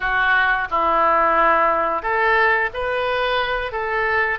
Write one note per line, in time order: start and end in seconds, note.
0.00 0.67 F#4
0.70 2.02 E4
2.02 2.69 A4
2.73 3.72 B4
3.72 4.38 A4